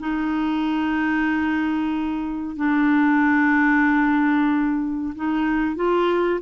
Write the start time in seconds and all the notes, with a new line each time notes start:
0.00 D#4
2.56 D4
5.16 D#4
5.76 F4